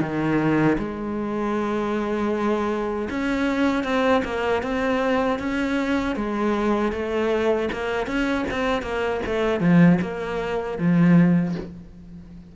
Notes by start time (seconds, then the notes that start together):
0.00 D#3
0.78 G#3
3.10 C#4
3.84 C4
4.24 A#3
4.63 C4
5.39 C#4
6.16 G#3
6.92 A3
7.72 A#3
8.07 C#4
8.51 C4
8.82 A#3
9.26 A3
9.60 F3
10.01 A#3
10.78 F3